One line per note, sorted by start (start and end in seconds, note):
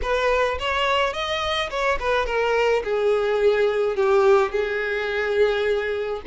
0.02 0.58 B4
0.59 1.13 C#5
1.13 1.69 D#5
1.70 1.98 C#5
1.99 2.26 B4
2.26 2.82 A#4
2.84 3.95 G#4
3.95 4.51 G4
4.51 6.21 G#4